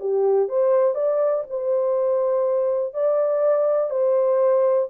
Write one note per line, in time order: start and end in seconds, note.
0.00 0.49 G4
0.49 0.95 C5
0.95 1.44 D5
1.49 2.94 C5
2.94 3.90 D5
3.90 4.88 C5